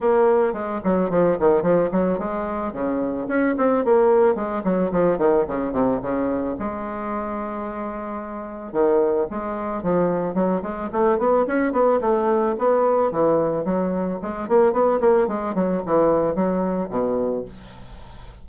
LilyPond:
\new Staff \with { instrumentName = "bassoon" } { \time 4/4 \tempo 4 = 110 ais4 gis8 fis8 f8 dis8 f8 fis8 | gis4 cis4 cis'8 c'8 ais4 | gis8 fis8 f8 dis8 cis8 c8 cis4 | gis1 |
dis4 gis4 f4 fis8 gis8 | a8 b8 cis'8 b8 a4 b4 | e4 fis4 gis8 ais8 b8 ais8 | gis8 fis8 e4 fis4 b,4 | }